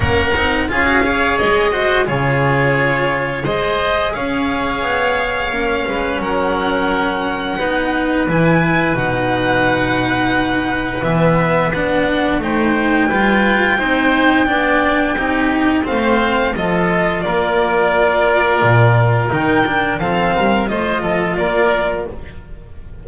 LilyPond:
<<
  \new Staff \with { instrumentName = "violin" } { \time 4/4 \tempo 4 = 87 fis''4 f''4 dis''4 cis''4~ | cis''4 dis''4 f''2~ | f''4 fis''2. | gis''4 fis''2. |
e''4 fis''4 g''2~ | g''2. f''4 | dis''4 d''2. | g''4 f''4 dis''4 d''4 | }
  \new Staff \with { instrumentName = "oboe" } { \time 4/4 ais'4 gis'8 cis''4 c''8 gis'4~ | gis'4 c''4 cis''2~ | cis''8 b'8 ais'2 b'4~ | b'1~ |
b'2 c''4 b'4 | c''4 d''4 g'4 c''4 | a'4 ais'2.~ | ais'4 a'8 ais'8 c''8 a'8 ais'4 | }
  \new Staff \with { instrumentName = "cello" } { \time 4/4 cis'8 dis'8 f'16 fis'16 gis'4 fis'8 f'4~ | f'4 gis'2. | cis'2. dis'4 | e'4 dis'2. |
b4 d'4 dis'4 f'4 | dis'4 d'4 dis'4 c'4 | f'1 | dis'8 d'8 c'4 f'2 | }
  \new Staff \with { instrumentName = "double bass" } { \time 4/4 ais8 c'8 cis'4 gis4 cis4~ | cis4 gis4 cis'4 b4 | ais8 gis8 fis2 b4 | e4 b,2. |
e4 b4 a4 g4 | c'4 b4 c'4 a4 | f4 ais2 ais,4 | dis4 f8 g8 a8 f8 ais4 | }
>>